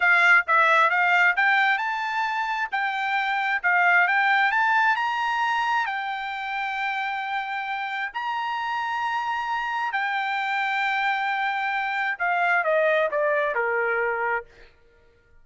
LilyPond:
\new Staff \with { instrumentName = "trumpet" } { \time 4/4 \tempo 4 = 133 f''4 e''4 f''4 g''4 | a''2 g''2 | f''4 g''4 a''4 ais''4~ | ais''4 g''2.~ |
g''2 ais''2~ | ais''2 g''2~ | g''2. f''4 | dis''4 d''4 ais'2 | }